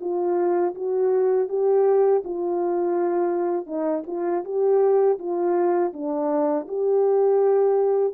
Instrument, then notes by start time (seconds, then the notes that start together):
horn
0.00 F4
0.74 F#4
1.48 G4
2.24 F4
3.66 D#4
4.06 F4
4.44 G4
5.19 F4
5.93 D4
6.68 G4